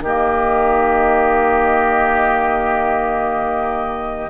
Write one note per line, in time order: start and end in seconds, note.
0.00 4.29 D#3
0.00 4.30 A#3
0.00 4.30 G4
0.00 4.30 D#5